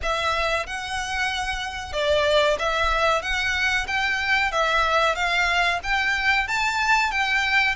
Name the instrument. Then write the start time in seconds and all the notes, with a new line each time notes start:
violin
0.02 E5
0.66 F#5
1.92 D5
2.58 E5
3.22 F#5
3.87 G5
4.51 E5
5.15 F5
5.83 G5
6.47 A5
7.11 G5